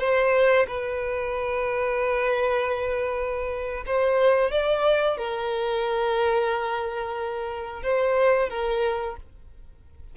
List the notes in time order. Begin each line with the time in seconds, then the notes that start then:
0.00 C5
0.68 B4
3.87 C5
4.52 D5
5.18 A#4
7.83 C5
8.50 A#4